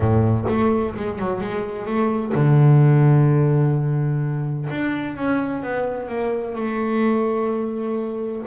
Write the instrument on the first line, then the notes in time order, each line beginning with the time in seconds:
double bass
0.00 A2
0.48 A3
0.95 G#3
1.18 F#3
1.41 G#3
1.86 A3
2.34 D3
4.70 D4
5.16 C#4
5.62 B3
6.08 A#3
6.55 A3